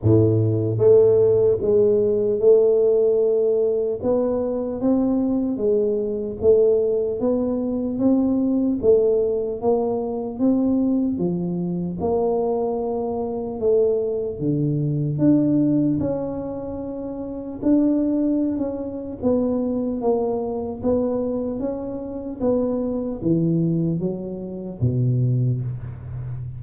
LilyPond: \new Staff \with { instrumentName = "tuba" } { \time 4/4 \tempo 4 = 75 a,4 a4 gis4 a4~ | a4 b4 c'4 gis4 | a4 b4 c'4 a4 | ais4 c'4 f4 ais4~ |
ais4 a4 d4 d'4 | cis'2 d'4~ d'16 cis'8. | b4 ais4 b4 cis'4 | b4 e4 fis4 b,4 | }